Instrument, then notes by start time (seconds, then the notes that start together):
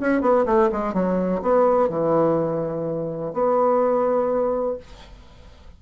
bassoon
0.00 C#4
0.21 B3
0.45 A3
0.72 G#3
0.93 F#3
1.42 B3
1.89 E3
3.33 B3